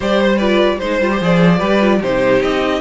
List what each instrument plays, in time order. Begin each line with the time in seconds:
0.00 cello G3, viola G4, violin C5 D5
0.21 violin C5
0.36 viola F4, violin B4 D5
0.78 cello G#3, viola D#4, violin C5
1.01 cello G3, viola F4
1.11 viola G4
1.20 cello F3, viola G#4, violin D5
1.58 cello G3, viola G4, violin B4
1.80 viola F4
2.00 cello C3, viola D#4, violin G4 C5
2.41 cello C4, violin D#5